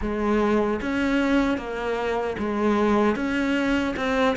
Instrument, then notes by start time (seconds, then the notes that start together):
cello
0.01 G#3
0.81 C#4
1.57 A#3
2.38 G#3
3.15 C#4
3.96 C4